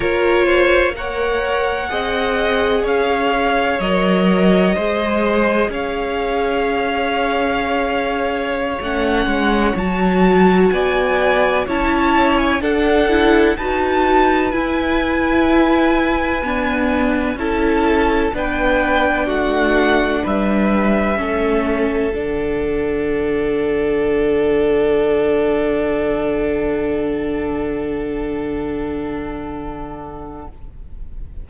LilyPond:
<<
  \new Staff \with { instrumentName = "violin" } { \time 4/4 \tempo 4 = 63 cis''4 fis''2 f''4 | dis''2 f''2~ | f''4~ f''16 fis''4 a''4 gis''8.~ | gis''16 a''8. gis''16 fis''4 a''4 gis''8.~ |
gis''2~ gis''16 a''4 g''8.~ | g''16 fis''4 e''2 fis''8.~ | fis''1~ | fis''1 | }
  \new Staff \with { instrumentName = "violin" } { \time 4/4 ais'8 c''8 cis''4 dis''4 cis''4~ | cis''4 c''4 cis''2~ | cis''2.~ cis''16 d''8.~ | d''16 cis''4 a'4 b'4.~ b'16~ |
b'2~ b'16 a'4 b'8.~ | b'16 fis'4 b'4 a'4.~ a'16~ | a'1~ | a'1 | }
  \new Staff \with { instrumentName = "viola" } { \time 4/4 f'4 ais'4 gis'2 | ais'4 gis'2.~ | gis'4~ gis'16 cis'4 fis'4.~ fis'16~ | fis'16 e'4 d'8 e'8 fis'4 e'8.~ |
e'4~ e'16 b4 e'4 d'8.~ | d'2~ d'16 cis'4 d'8.~ | d'1~ | d'1 | }
  \new Staff \with { instrumentName = "cello" } { \time 4/4 ais2 c'4 cis'4 | fis4 gis4 cis'2~ | cis'4~ cis'16 a8 gis8 fis4 b8.~ | b16 cis'4 d'4 dis'4 e'8.~ |
e'4~ e'16 d'4 cis'4 b8.~ | b16 a4 g4 a4 d8.~ | d1~ | d1 | }
>>